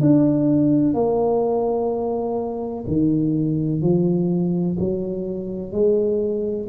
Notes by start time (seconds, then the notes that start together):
0.00 D4
0.94 A#3
2.87 D#3
3.81 F3
4.79 F#3
5.72 G#3